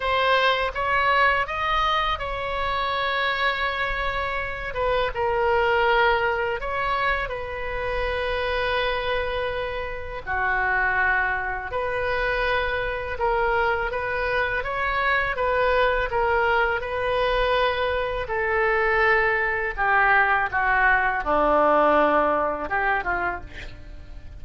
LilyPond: \new Staff \with { instrumentName = "oboe" } { \time 4/4 \tempo 4 = 82 c''4 cis''4 dis''4 cis''4~ | cis''2~ cis''8 b'8 ais'4~ | ais'4 cis''4 b'2~ | b'2 fis'2 |
b'2 ais'4 b'4 | cis''4 b'4 ais'4 b'4~ | b'4 a'2 g'4 | fis'4 d'2 g'8 f'8 | }